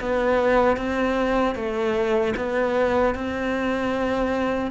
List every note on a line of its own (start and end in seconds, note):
0.00 0.76 B3
0.76 1.55 C4
1.55 2.34 A3
2.36 3.15 B3
3.15 4.71 C4